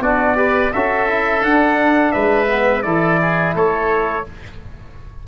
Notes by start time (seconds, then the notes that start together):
0.00 B3 D4 F#4 D5
0.36 G4 B4
0.73 C#4 F#4 A4 E5
1.09 E4
1.42 D4 F#5
2.12 G#3 B4 E5
2.48 B3
2.83 E3 E4 A4 D5
3.22 G#4
3.55 A3 A4 C#5